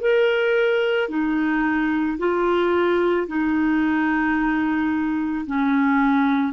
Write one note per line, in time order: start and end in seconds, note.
0.00 1.09 A#4
1.09 2.18 D#4
2.18 3.27 F4
3.27 5.45 D#4
5.46 6.53 C#4